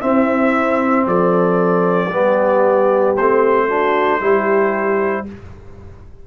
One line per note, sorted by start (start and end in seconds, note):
0.00 2.11 C4
0.00 1.06 C4
0.00 1.06 E4
0.00 1.06 E5
1.06 2.09 F3
1.06 2.08 A4
1.06 3.16 D5
2.08 3.14 G3
2.08 3.16 B3
2.08 3.66 G4
3.16 4.21 A3
3.16 3.69 C4
3.16 5.27 C5
3.68 4.20 D4
3.68 4.20 F#4
4.20 5.26 G3
4.20 5.25 E4
4.20 5.26 G4